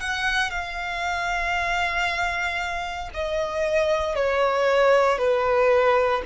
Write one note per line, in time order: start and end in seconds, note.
0.00 0.51 F#5
0.51 3.09 F5
3.14 4.15 D#5
4.15 5.18 C#5
5.18 6.22 B4